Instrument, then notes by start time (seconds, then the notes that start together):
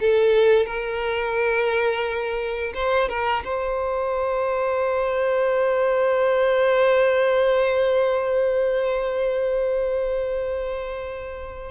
violin
0.00 A4
0.66 A#4
2.74 C5
3.09 A#4
3.45 C5